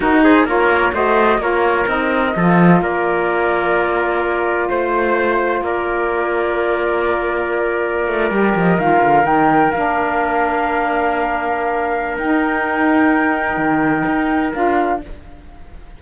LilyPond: <<
  \new Staff \with { instrumentName = "flute" } { \time 4/4 \tempo 4 = 128 ais'8 c''8 cis''4 dis''4 cis''4 | dis''2 d''2~ | d''2 c''2 | d''1~ |
d''2~ d''16 dis''8 f''4 g''16~ | g''8. f''2.~ f''16~ | f''2 g''2~ | g''2. f''4 | }
  \new Staff \with { instrumentName = "trumpet" } { \time 4/4 fis'8 gis'8 ais'4 c''4 ais'4~ | ais'4 a'4 ais'2~ | ais'2 c''2 | ais'1~ |
ais'1~ | ais'1~ | ais'1~ | ais'1 | }
  \new Staff \with { instrumentName = "saxophone" } { \time 4/4 dis'4 f'4 fis'4 f'4 | dis'4 f'2.~ | f'1~ | f'1~ |
f'4.~ f'16 g'4 f'4 dis'16~ | dis'8. d'2.~ d'16~ | d'2 dis'2~ | dis'2. f'4 | }
  \new Staff \with { instrumentName = "cello" } { \time 4/4 dis'4 ais4 a4 ais4 | c'4 f4 ais2~ | ais2 a2 | ais1~ |
ais4~ ais16 a8 g8 f8 dis8 d8 dis16~ | dis8. ais2.~ ais16~ | ais2 dis'2~ | dis'4 dis4 dis'4 d'4 | }
>>